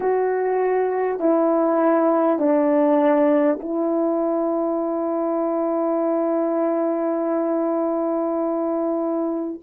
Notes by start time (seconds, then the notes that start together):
0.00 F#4
1.19 E4
2.38 D4
3.60 E4